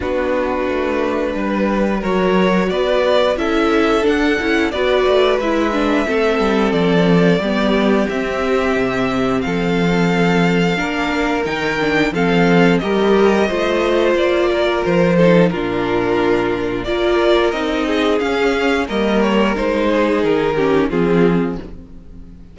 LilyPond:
<<
  \new Staff \with { instrumentName = "violin" } { \time 4/4 \tempo 4 = 89 b'2. cis''4 | d''4 e''4 fis''4 d''4 | e''2 d''2 | e''2 f''2~ |
f''4 g''4 f''4 dis''4~ | dis''4 d''4 c''4 ais'4~ | ais'4 d''4 dis''4 f''4 | dis''8 cis''8 c''4 ais'4 gis'4 | }
  \new Staff \with { instrumentName = "violin" } { \time 4/4 fis'2 b'4 ais'4 | b'4 a'2 b'4~ | b'4 a'2 g'4~ | g'2 a'2 |
ais'2 a'4 ais'4 | c''4. ais'4 a'8 f'4~ | f'4 ais'4. gis'4. | ais'4. gis'4 g'8 f'4 | }
  \new Staff \with { instrumentName = "viola" } { \time 4/4 d'2. fis'4~ | fis'4 e'4 d'8 e'8 fis'4 | e'8 d'8 c'2 b4 | c'1 |
d'4 dis'8 d'8 c'4 g'4 | f'2~ f'8 dis'8 d'4~ | d'4 f'4 dis'4 cis'4 | ais4 dis'4. cis'8 c'4 | }
  \new Staff \with { instrumentName = "cello" } { \time 4/4 b4 a4 g4 fis4 | b4 cis'4 d'8 cis'8 b8 a8 | gis4 a8 g8 f4 g4 | c'4 c4 f2 |
ais4 dis4 f4 g4 | a4 ais4 f4 ais,4~ | ais,4 ais4 c'4 cis'4 | g4 gis4 dis4 f4 | }
>>